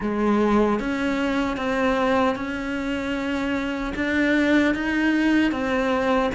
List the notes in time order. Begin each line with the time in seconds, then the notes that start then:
0.00 G#3
0.79 C#4
1.56 C4
2.35 C#4
3.95 D4
4.74 D#4
5.51 C4